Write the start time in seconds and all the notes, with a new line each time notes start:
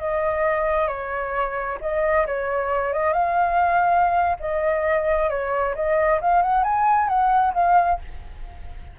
0.00 D#5
0.88 C#5
1.82 D#5
2.27 C#5
2.93 D#5
3.14 F5
4.40 D#5
5.30 C#5
5.76 D#5
6.22 F5
6.43 F#5
6.64 G#5
7.09 F#5
7.54 F5